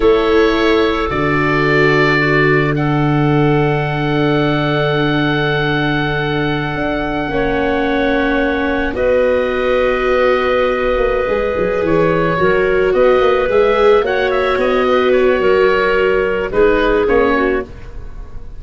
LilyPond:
<<
  \new Staff \with { instrumentName = "oboe" } { \time 4/4 \tempo 4 = 109 cis''2 d''2~ | d''4 fis''2.~ | fis''1~ | fis''1~ |
fis''16 dis''2.~ dis''8.~ | dis''4. cis''2 dis''8~ | dis''8 e''4 fis''8 e''8 dis''4 cis''8~ | cis''2 b'4 cis''4 | }
  \new Staff \with { instrumentName = "clarinet" } { \time 4/4 a'1 | fis'4 a'2.~ | a'1~ | a'4~ a'16 cis''2~ cis''8.~ |
cis''16 b'2.~ b'8.~ | b'2~ b'8 ais'4 b'8~ | b'4. cis''4. b'4 | ais'2 gis'4. fis'8 | }
  \new Staff \with { instrumentName = "viola" } { \time 4/4 e'2 fis'2~ | fis'4 d'2.~ | d'1~ | d'4~ d'16 cis'2~ cis'8.~ |
cis'16 fis'2.~ fis'8.~ | fis'8 gis'2 fis'4.~ | fis'8 gis'4 fis'2~ fis'8~ | fis'2 dis'4 cis'4 | }
  \new Staff \with { instrumentName = "tuba" } { \time 4/4 a2 d2~ | d1~ | d1~ | d16 d'4 ais2~ ais8.~ |
ais16 b2.~ b8. | ais8 gis8 fis8 e4 fis4 b8 | ais8 gis4 ais4 b4. | fis2 gis4 ais4 | }
>>